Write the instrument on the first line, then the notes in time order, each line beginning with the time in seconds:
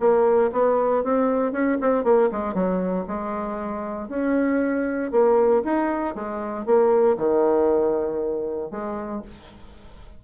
bassoon
0.00 A#3
0.53 B3
1.04 C4
1.53 C#4
1.81 C4
2.04 A#3
2.32 G#3
2.55 F#3
3.08 G#3
4.09 C#4
5.12 A#3
5.65 D#4
6.15 G#3
6.66 A#3
7.18 D#3
8.72 G#3